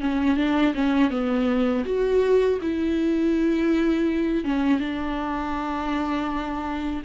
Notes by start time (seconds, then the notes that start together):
0.00 C#4
0.36 D4
0.74 C#4
1.10 B3
1.85 F#4
2.61 E4
4.44 C#4
4.79 D4